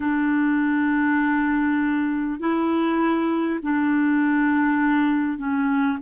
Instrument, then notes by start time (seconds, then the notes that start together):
clarinet
0.00 D4
2.39 E4
3.62 D4
5.38 C#4